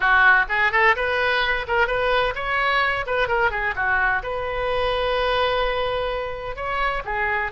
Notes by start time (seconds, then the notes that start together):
0.00 F#4
0.48 G#4
0.72 A4
0.96 B4
1.67 A#4
1.87 B4
2.35 C#5
3.06 B4
3.28 A#4
3.50 G#4
3.75 F#4
4.22 B4
6.55 C#5
7.04 G#4